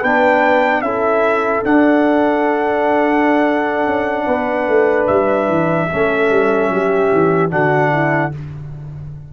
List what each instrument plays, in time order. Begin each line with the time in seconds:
0.00 tuba B3, trombone D4, horn B4, trumpet G5
0.81 tuba C#4, trombone E4, horn A4, trumpet E5
1.64 trombone D4, tuba D4, trumpet F#5
3.86 tuba C#4
4.26 tuba B3, horn B4
4.68 tuba A3
5.07 tuba G3, trumpet E5
5.48 tuba E3
5.90 tuba A3, trombone C#4, horn A4
6.30 tuba G3
6.69 tuba F#3, horn G4
7.12 tuba E3
7.50 tuba D3, trombone D4, horn F#4, trumpet F#5
7.92 horn E4